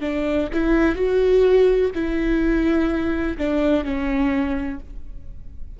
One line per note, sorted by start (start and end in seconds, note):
0.00 0.48 D4
0.53 0.95 E4
0.95 1.90 F#4
1.94 3.37 E4
3.38 3.84 D4
3.84 4.79 C#4